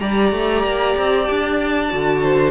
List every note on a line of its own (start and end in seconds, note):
0.00 0.32 G3
0.00 1.89 G4
0.00 2.23 D5
0.00 1.25 A#5
0.32 0.64 A3
0.64 0.95 A#3
0.98 1.29 C4
1.25 1.93 D4
1.25 2.51 A5
1.91 2.51 D3
1.91 2.51 F#4
2.23 2.51 C5